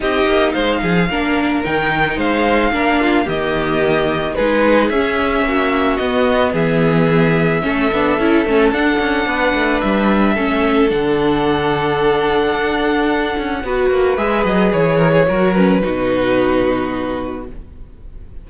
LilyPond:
<<
  \new Staff \with { instrumentName = "violin" } { \time 4/4 \tempo 4 = 110 dis''4 f''2 g''4 | f''2 dis''2 | b'4 e''2 dis''4 | e''1 |
fis''2 e''2 | fis''1~ | fis''2 e''8 dis''8 cis''4~ | cis''8 b'2.~ b'8 | }
  \new Staff \with { instrumentName = "violin" } { \time 4/4 g'4 c''8 gis'8 ais'2 | c''4 ais'8 f'8 g'2 | gis'2 fis'2 | gis'2 a'2~ |
a'4 b'2 a'4~ | a'1~ | a'4 b'2~ b'8 ais'16 gis'16 | ais'4 fis'2. | }
  \new Staff \with { instrumentName = "viola" } { \time 4/4 dis'2 d'4 dis'4~ | dis'4 d'4 ais2 | dis'4 cis'2 b4~ | b2 cis'8 d'8 e'8 cis'8 |
d'2. cis'4 | d'1~ | d'4 fis'4 gis'2 | fis'8 cis'8 dis'2. | }
  \new Staff \with { instrumentName = "cello" } { \time 4/4 c'8 ais8 gis8 f8 ais4 dis4 | gis4 ais4 dis2 | gis4 cis'4 ais4 b4 | e2 a8 b8 cis'8 a8 |
d'8 cis'8 b8 a8 g4 a4 | d2. d'4~ | d'8 cis'8 b8 ais8 gis8 fis8 e4 | fis4 b,2. | }
>>